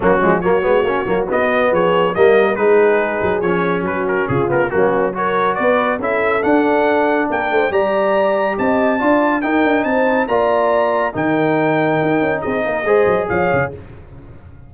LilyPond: <<
  \new Staff \with { instrumentName = "trumpet" } { \time 4/4 \tempo 4 = 140 fis'4 cis''2 dis''4 | cis''4 dis''4 b'2 | cis''4 b'8 ais'8 gis'8 ais'8 fis'4 | cis''4 d''4 e''4 fis''4~ |
fis''4 g''4 ais''2 | a''2 g''4 a''4 | ais''2 g''2~ | g''4 dis''2 f''4 | }
  \new Staff \with { instrumentName = "horn" } { \time 4/4 cis'4 fis'2. | gis'4 ais'4 gis'2~ | gis'4 fis'4 f'4 cis'4 | ais'4 b'4 a'2~ |
a'4 ais'8 c''8 d''2 | dis''4 d''4 ais'4 c''4 | d''2 ais'2~ | ais'4 gis'8 ais'8 c''4 cis''4 | }
  \new Staff \with { instrumentName = "trombone" } { \time 4/4 ais8 gis8 ais8 b8 cis'8 ais8 b4~ | b4 ais4 dis'2 | cis'2~ cis'8 b8 ais4 | fis'2 e'4 d'4~ |
d'2 g'2~ | g'4 f'4 dis'2 | f'2 dis'2~ | dis'2 gis'2 | }
  \new Staff \with { instrumentName = "tuba" } { \time 4/4 fis8 f8 fis8 gis8 ais8 fis8 b4 | f4 g4 gis4. fis8 | f4 fis4 cis4 fis4~ | fis4 b4 cis'4 d'4~ |
d'4 ais8 a8 g2 | c'4 d'4 dis'8 d'8 c'4 | ais2 dis2 | dis'8 cis'8 c'8 ais8 gis8 fis8 f8 cis8 | }
>>